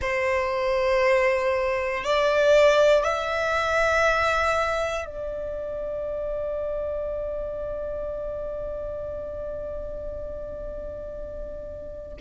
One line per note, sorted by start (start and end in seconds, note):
0.01 2.03 C5
2.03 3.03 D5
3.03 5.05 E5
5.05 12.17 D5